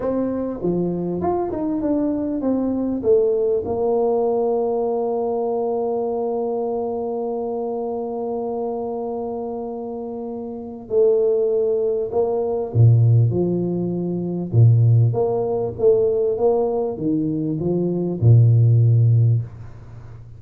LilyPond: \new Staff \with { instrumentName = "tuba" } { \time 4/4 \tempo 4 = 99 c'4 f4 f'8 dis'8 d'4 | c'4 a4 ais2~ | ais1~ | ais1~ |
ais2 a2 | ais4 ais,4 f2 | ais,4 ais4 a4 ais4 | dis4 f4 ais,2 | }